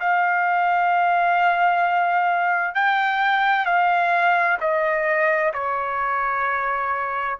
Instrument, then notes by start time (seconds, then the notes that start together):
trumpet
0.00 F5
2.75 G5
3.65 F5
4.60 D#5
5.54 C#5